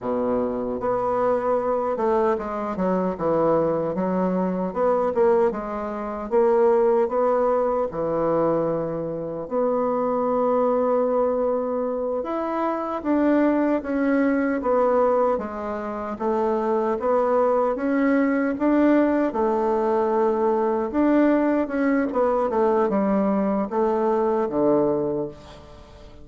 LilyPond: \new Staff \with { instrumentName = "bassoon" } { \time 4/4 \tempo 4 = 76 b,4 b4. a8 gis8 fis8 | e4 fis4 b8 ais8 gis4 | ais4 b4 e2 | b2.~ b8 e'8~ |
e'8 d'4 cis'4 b4 gis8~ | gis8 a4 b4 cis'4 d'8~ | d'8 a2 d'4 cis'8 | b8 a8 g4 a4 d4 | }